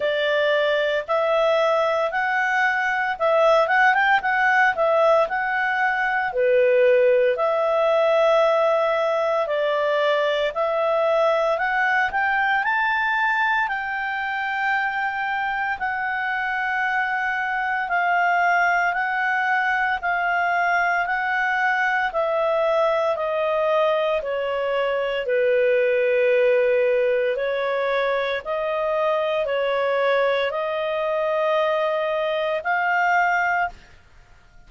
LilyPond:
\new Staff \with { instrumentName = "clarinet" } { \time 4/4 \tempo 4 = 57 d''4 e''4 fis''4 e''8 fis''16 g''16 | fis''8 e''8 fis''4 b'4 e''4~ | e''4 d''4 e''4 fis''8 g''8 | a''4 g''2 fis''4~ |
fis''4 f''4 fis''4 f''4 | fis''4 e''4 dis''4 cis''4 | b'2 cis''4 dis''4 | cis''4 dis''2 f''4 | }